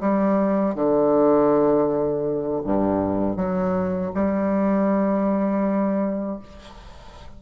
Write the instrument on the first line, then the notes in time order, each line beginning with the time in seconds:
bassoon
0.00 G3
0.75 D3
2.64 G2
3.37 F#3
4.15 G3